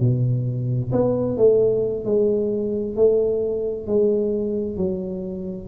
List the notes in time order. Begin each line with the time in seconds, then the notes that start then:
0.00 B2
0.92 B3
1.37 A3
2.05 G#3
2.96 A3
3.87 G#3
4.76 F#3